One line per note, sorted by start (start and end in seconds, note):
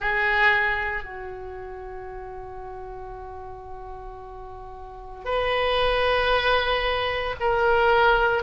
0.00 1.03 G#4
1.03 5.24 F#4
5.24 7.35 B4
7.40 8.43 A#4